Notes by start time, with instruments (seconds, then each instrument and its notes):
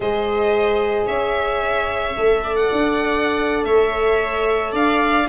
0.00 tuba G#3, horn G#4, viola C5, violin D#5
1.06 tuba C#4, viola C#5, violin E5
2.16 tuba A3, horn A4
2.43 viola D5
2.56 violin F#5
2.72 tuba D4
3.64 tuba A3, viola C#5, violin E5
4.72 tuba D4, viola D5, violin F5